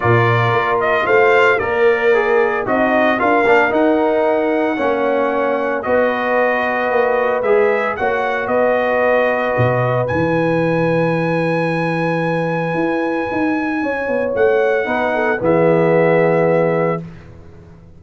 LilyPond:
<<
  \new Staff \with { instrumentName = "trumpet" } { \time 4/4 \tempo 4 = 113 d''4. dis''8 f''4 d''4~ | d''4 dis''4 f''4 fis''4~ | fis''2. dis''4~ | dis''2 e''4 fis''4 |
dis''2. gis''4~ | gis''1~ | gis''2. fis''4~ | fis''4 e''2. | }
  \new Staff \with { instrumentName = "horn" } { \time 4/4 ais'2 c''4 ais'4~ | ais'4 dis'4 ais'2~ | ais'4 cis''2 b'4~ | b'2. cis''4 |
b'1~ | b'1~ | b'2 cis''2 | b'8 a'8 gis'2. | }
  \new Staff \with { instrumentName = "trombone" } { \time 4/4 f'2. ais'4 | gis'4 fis'4 f'8 d'8 dis'4~ | dis'4 cis'2 fis'4~ | fis'2 gis'4 fis'4~ |
fis'2. e'4~ | e'1~ | e'1 | dis'4 b2. | }
  \new Staff \with { instrumentName = "tuba" } { \time 4/4 ais,4 ais4 a4 ais4~ | ais4 c'4 d'8 ais8 dis'4~ | dis'4 ais2 b4~ | b4 ais4 gis4 ais4 |
b2 b,4 e4~ | e1 | e'4 dis'4 cis'8 b8 a4 | b4 e2. | }
>>